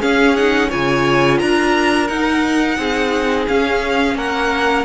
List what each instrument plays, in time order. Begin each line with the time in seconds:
0.00 viola C#4, cello C#4, violin G#4 F5
0.36 viola D#4, violin F#5
0.69 cello C#3, viola F4, violin C#5 G#5
1.39 cello D4, violin A#4 A#5
2.08 cello D#4, viola D#4, violin F#5
2.78 cello C4, violin G#4
3.48 viola C#4, cello C#4, violin F5
4.15 cello A#3, violin A#4 F#5